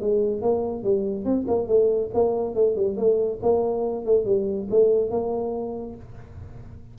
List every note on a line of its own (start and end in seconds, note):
0.00 0.41 G#3
0.41 0.83 A#3
0.83 1.24 G3
1.24 1.46 C4
1.47 1.67 A#3
1.67 2.10 A3
2.14 2.54 A#3
2.54 2.76 A3
2.76 2.97 G3
2.97 3.39 A3
3.42 4.05 A#3
4.05 4.25 A3
4.25 4.68 G3
4.70 5.10 A3
5.10 5.95 A#3